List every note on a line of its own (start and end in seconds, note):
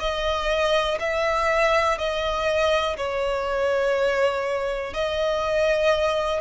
0.00 0.98 D#5
1.00 1.99 E5
1.99 2.97 D#5
2.97 4.94 C#5
4.94 6.41 D#5